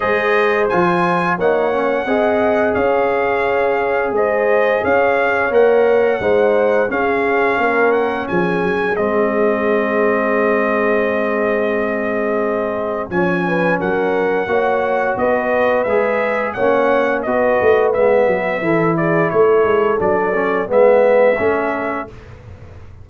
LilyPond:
<<
  \new Staff \with { instrumentName = "trumpet" } { \time 4/4 \tempo 4 = 87 dis''4 gis''4 fis''2 | f''2 dis''4 f''4 | fis''2 f''4. fis''8 | gis''4 dis''2.~ |
dis''2. gis''4 | fis''2 dis''4 e''4 | fis''4 dis''4 e''4. d''8 | cis''4 d''4 e''2 | }
  \new Staff \with { instrumentName = "horn" } { \time 4/4 c''2 cis''4 dis''4 | cis''2 c''4 cis''4~ | cis''4 c''4 gis'4 ais'4 | gis'1~ |
gis'2. cis''8 b'8 | ais'4 cis''4 b'2 | cis''4 b'2 a'8 gis'8 | a'2 b'4 a'4 | }
  \new Staff \with { instrumentName = "trombone" } { \time 4/4 gis'4 f'4 dis'8 cis'8 gis'4~ | gis'1 | ais'4 dis'4 cis'2~ | cis'4 c'2.~ |
c'2. cis'4~ | cis'4 fis'2 gis'4 | cis'4 fis'4 b4 e'4~ | e'4 d'8 cis'8 b4 cis'4 | }
  \new Staff \with { instrumentName = "tuba" } { \time 4/4 gis4 f4 ais4 c'4 | cis'2 gis4 cis'4 | ais4 gis4 cis'4 ais4 | f8 fis8 gis2.~ |
gis2. f4 | fis4 ais4 b4 gis4 | ais4 b8 a8 gis8 fis8 e4 | a8 gis8 fis4 gis4 a4 | }
>>